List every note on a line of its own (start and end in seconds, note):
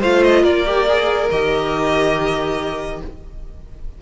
0.00 0.44 A3
0.00 0.66 F4
0.00 0.43 C5
0.00 0.24 F5
0.24 0.45 D#5
0.43 1.30 A#3
0.43 2.98 A#4
0.43 1.30 D5
0.66 0.87 G4
0.89 1.31 G#4
1.31 3.02 D#3
1.31 3.02 G4
1.31 3.01 D#5